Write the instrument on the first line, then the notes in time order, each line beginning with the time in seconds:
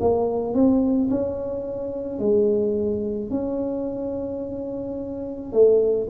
tuba
0.00 A#3
0.54 C4
1.10 C#4
2.19 G#3
3.30 C#4
5.52 A3